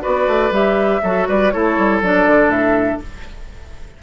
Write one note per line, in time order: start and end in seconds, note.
0.00 0.50 F#4
0.00 1.01 B4
0.00 0.53 D5
0.06 0.27 B3
0.27 0.51 A3
0.51 1.00 G3
0.51 1.01 G4
0.51 1.28 E5
1.03 1.28 F#3
1.03 1.52 F#4
1.03 1.27 A4
1.28 1.53 G3
1.28 1.53 B4
1.28 1.51 D5
1.51 1.77 A3
1.51 2.02 E4
1.51 3.02 A4
1.51 2.00 C#5
1.77 2.01 G3
2.01 2.26 F#3
2.01 3.02 D4
2.01 2.50 D5
2.27 2.47 D3
2.47 2.97 A2
2.47 3.00 E5